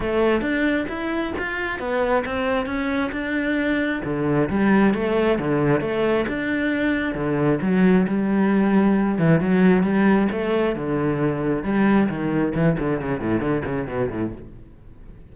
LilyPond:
\new Staff \with { instrumentName = "cello" } { \time 4/4 \tempo 4 = 134 a4 d'4 e'4 f'4 | b4 c'4 cis'4 d'4~ | d'4 d4 g4 a4 | d4 a4 d'2 |
d4 fis4 g2~ | g8 e8 fis4 g4 a4 | d2 g4 dis4 | e8 d8 cis8 a,8 d8 cis8 b,8 a,8 | }